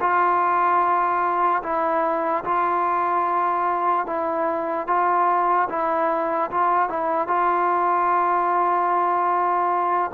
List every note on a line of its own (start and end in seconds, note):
0.00 1.62 F4
1.63 2.44 E4
2.44 4.06 F4
4.06 4.87 E4
4.87 5.68 F4
5.69 6.50 E4
6.50 6.89 F4
6.89 7.27 E4
7.27 10.11 F4